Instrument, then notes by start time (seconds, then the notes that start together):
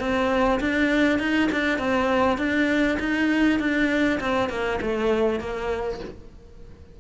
cello
0.00 C4
0.60 D4
1.19 D#4
1.52 D4
1.79 C4
2.38 D4
3.00 D#4
3.60 D4
4.21 C4
4.50 A#3
4.82 A3
5.40 A#3